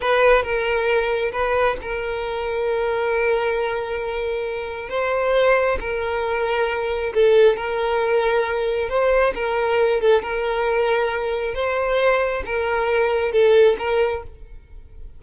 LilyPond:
\new Staff \with { instrumentName = "violin" } { \time 4/4 \tempo 4 = 135 b'4 ais'2 b'4 | ais'1~ | ais'2. c''4~ | c''4 ais'2. |
a'4 ais'2. | c''4 ais'4. a'8 ais'4~ | ais'2 c''2 | ais'2 a'4 ais'4 | }